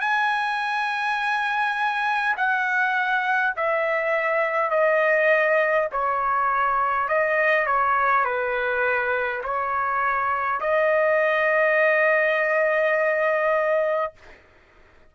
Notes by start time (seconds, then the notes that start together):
0.00 G#5
2.36 F#5
3.56 E5
4.70 D#5
5.92 C#5
7.08 D#5
7.66 C#5
8.25 B4
9.43 C#5
10.60 D#5